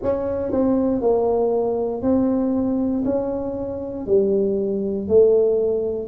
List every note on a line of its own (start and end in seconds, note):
0.02 0.51 C#4
0.51 1.01 C4
1.01 2.02 A#3
2.02 3.03 C4
3.04 4.06 C#4
4.06 5.08 G3
5.08 6.08 A3